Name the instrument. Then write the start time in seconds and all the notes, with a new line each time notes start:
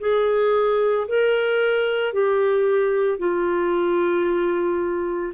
clarinet
0.00 G#4
1.08 A#4
2.13 G4
3.19 F4